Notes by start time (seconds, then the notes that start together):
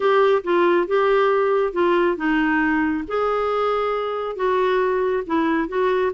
0.00 G4
0.43 F4
0.87 G4
1.73 F4
2.17 D#4
3.07 G#4
4.35 F#4
5.26 E4
5.68 F#4